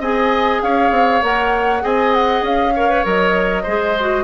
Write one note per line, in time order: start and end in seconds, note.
0.00 0.61 C4
0.00 1.22 G#4
0.00 0.62 D#5
0.00 0.63 G#5
0.63 0.91 C#4
0.63 1.84 C#5
0.63 1.24 F5
0.91 1.22 C4
1.22 1.83 A#3
1.22 1.81 A#4
1.22 1.85 F#5
1.81 2.42 C4
1.81 2.72 G#4
1.81 2.75 D#5
1.81 2.14 G#5
2.14 2.44 F#5
2.42 3.03 C#4
2.42 3.06 F5
2.75 2.90 A#4
2.75 3.63 C#5
2.90 3.04 B4
3.04 3.66 F#3
3.04 3.65 A#4
3.04 4.25 D#5
3.63 4.25 G#3
3.63 3.97 G#4
3.63 4.24 C5
4.00 4.25 F#4